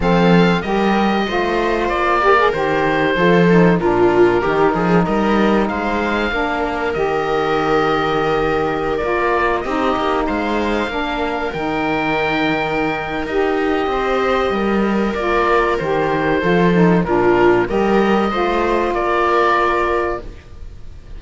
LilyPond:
<<
  \new Staff \with { instrumentName = "oboe" } { \time 4/4 \tempo 4 = 95 f''4 dis''2 d''4 | c''2 ais'2 | dis''4 f''2 dis''4~ | dis''2~ dis''16 d''4 dis''8.~ |
dis''16 f''2 g''4.~ g''16~ | g''4 dis''2. | d''4 c''2 ais'4 | dis''2 d''2 | }
  \new Staff \with { instrumentName = "viola" } { \time 4/4 a'4 ais'4 c''4. ais'8~ | ais'4 a'4 f'4 g'8 gis'8 | ais'4 c''4 ais'2~ | ais'2.~ ais'16 g'8.~ |
g'16 c''4 ais'2~ ais'8.~ | ais'2 c''4 ais'4~ | ais'2 a'4 f'4 | ais'4 c''4 ais'2 | }
  \new Staff \with { instrumentName = "saxophone" } { \time 4/4 c'4 g'4 f'4. g'16 gis'16 | g'4 f'8 dis'8 d'4 dis'4~ | dis'2 d'4 g'4~ | g'2~ g'16 f'4 dis'8.~ |
dis'4~ dis'16 d'4 dis'4.~ dis'16~ | dis'4 g'2. | f'4 g'4 f'8 dis'8 d'4 | g'4 f'2. | }
  \new Staff \with { instrumentName = "cello" } { \time 4/4 f4 g4 a4 ais4 | dis4 f4 ais,4 dis8 f8 | g4 gis4 ais4 dis4~ | dis2~ dis16 ais4 c'8 ais16~ |
ais16 gis4 ais4 dis4.~ dis16~ | dis4 dis'4 c'4 g4 | ais4 dis4 f4 ais,4 | g4 a4 ais2 | }
>>